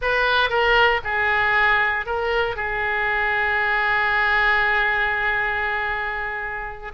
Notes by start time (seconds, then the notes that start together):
0.01 B4
0.49 A#4
1.04 G#4
2.06 A#4
2.55 G#4